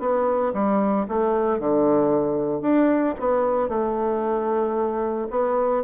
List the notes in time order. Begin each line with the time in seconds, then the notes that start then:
0.00 B3
0.54 G3
1.08 A3
1.60 D3
2.62 D4
3.20 B3
3.69 A3
5.30 B3